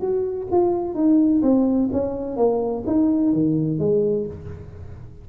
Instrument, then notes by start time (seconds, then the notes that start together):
tuba
0.00 F#4
0.51 F4
0.94 D#4
1.42 C4
1.92 C#4
2.36 A#3
2.86 D#4
3.33 D#3
3.79 G#3